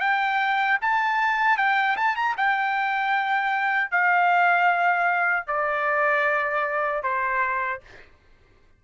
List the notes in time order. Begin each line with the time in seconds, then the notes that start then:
0.00 G5
0.81 A5
1.57 G5
1.96 A5
2.16 A#5
2.37 G5
3.91 F5
5.47 D5
7.03 C5